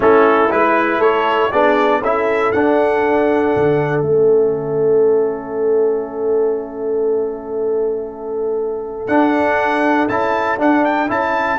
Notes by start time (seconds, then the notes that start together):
0.00 A3 C#4 E4 A4
0.50 G#3 E4 B4
0.99 A3 A4 C#5
1.51 B3 D4 G#4 D5
2.01 C#4 E4 A4 E5
2.51 D4 F#5
3.56 D3
4.02 A3 C#4 E5
9.07 D4 F#5
10.08 C#4 E4 A5
10.58 D4 F#5
10.84 G5
11.08 C#4 E4 A5